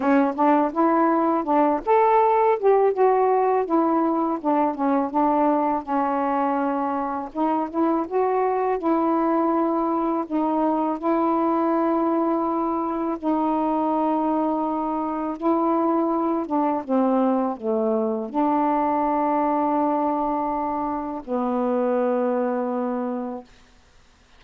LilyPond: \new Staff \with { instrumentName = "saxophone" } { \time 4/4 \tempo 4 = 82 cis'8 d'8 e'4 d'8 a'4 g'8 | fis'4 e'4 d'8 cis'8 d'4 | cis'2 dis'8 e'8 fis'4 | e'2 dis'4 e'4~ |
e'2 dis'2~ | dis'4 e'4. d'8 c'4 | a4 d'2.~ | d'4 b2. | }